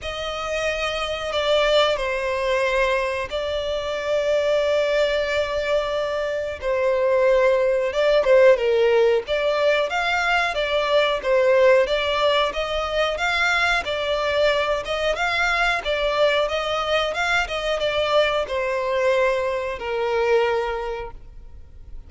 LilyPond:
\new Staff \with { instrumentName = "violin" } { \time 4/4 \tempo 4 = 91 dis''2 d''4 c''4~ | c''4 d''2.~ | d''2 c''2 | d''8 c''8 ais'4 d''4 f''4 |
d''4 c''4 d''4 dis''4 | f''4 d''4. dis''8 f''4 | d''4 dis''4 f''8 dis''8 d''4 | c''2 ais'2 | }